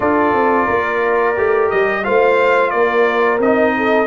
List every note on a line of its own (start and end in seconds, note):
0.00 0.33 D4
0.00 1.36 F4
0.00 0.66 A4
0.00 1.70 D5
0.33 0.67 C4
0.66 1.37 A#3
0.66 2.02 A#4
1.36 1.71 A3
1.36 2.03 G4
1.70 2.06 G3
1.70 2.04 D#5
2.03 2.72 A3
2.03 3.39 F4
2.03 2.72 C5
2.03 2.70 F5
2.70 3.39 A#3
2.70 3.76 A#4
2.70 3.38 D5
3.39 4.06 C4
3.39 4.06 D#4
3.39 4.06 D#5
3.76 4.06 A4